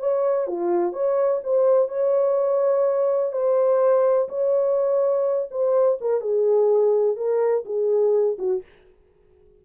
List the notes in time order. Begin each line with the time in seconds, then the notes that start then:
0.00 C#5
0.48 F4
0.93 C#5
1.44 C5
1.89 C#5
3.33 C5
4.29 C#5
5.51 C5
6.01 A#4
6.21 G#4
7.17 A#4
7.65 G#4
8.39 F#4